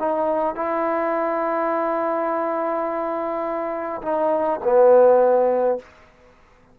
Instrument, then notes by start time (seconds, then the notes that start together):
trombone
0.00 D#4
0.56 E4
4.03 D#4
4.64 B3